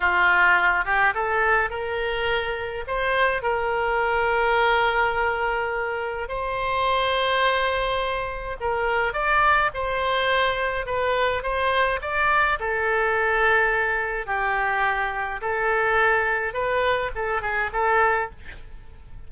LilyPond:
\new Staff \with { instrumentName = "oboe" } { \time 4/4 \tempo 4 = 105 f'4. g'8 a'4 ais'4~ | ais'4 c''4 ais'2~ | ais'2. c''4~ | c''2. ais'4 |
d''4 c''2 b'4 | c''4 d''4 a'2~ | a'4 g'2 a'4~ | a'4 b'4 a'8 gis'8 a'4 | }